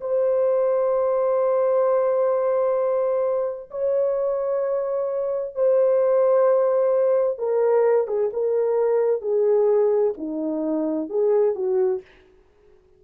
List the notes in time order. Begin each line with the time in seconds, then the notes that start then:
0.00 C5
3.70 C#5
5.55 C5
7.38 A#4
8.07 G#4
8.33 A#4
9.21 G#4
10.17 D#4
11.09 G#4
11.55 F#4